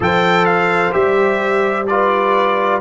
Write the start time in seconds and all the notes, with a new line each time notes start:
0.00 F3 A4 C5 G5
0.45 F5
0.91 G3 G4 E5
1.87 F4 B4 D5